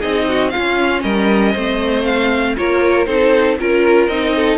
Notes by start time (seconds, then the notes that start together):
0.00 C4 D#4 G#4 D#5
0.29 F#4
0.50 F4 F5
0.56 C#4
1.02 G3 A#4 D#5
1.53 A3 C4 C5
2.05 F5
2.57 A#3 F4 A#4 C#5
3.06 C4 D#4 A4 C5
3.59 C#4 F4 A#4
4.08 C4 D#4 D#5
4.36 A4